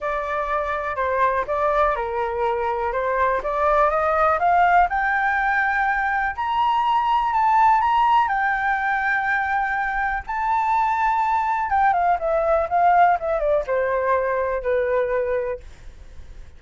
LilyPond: \new Staff \with { instrumentName = "flute" } { \time 4/4 \tempo 4 = 123 d''2 c''4 d''4 | ais'2 c''4 d''4 | dis''4 f''4 g''2~ | g''4 ais''2 a''4 |
ais''4 g''2.~ | g''4 a''2. | g''8 f''8 e''4 f''4 e''8 d''8 | c''2 b'2 | }